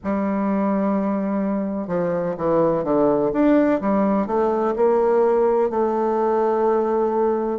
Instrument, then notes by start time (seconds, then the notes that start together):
bassoon
0.03 G3
1.87 F3
2.37 E3
2.84 D3
3.32 D4
3.81 G3
4.26 A3
4.76 A#3
5.70 A3